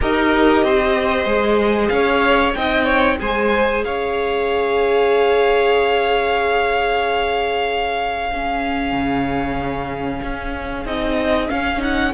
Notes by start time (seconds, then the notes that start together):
0.00 D#4 G4 A#4 D#5
0.63 C4 C5
1.25 G#3 G#4
1.88 C#4 C#5 F5
2.54 C4 D#4 D#5 G5
2.84 C#5
3.18 G#3 G#4 C5 G#5
3.84 C#4 C#5 F5
8.32 C#4 G#4
8.92 C#3
10.21 C#4
10.85 C4 D#4 D#5
11.49 C#4 F5
11.78 D#4 F#5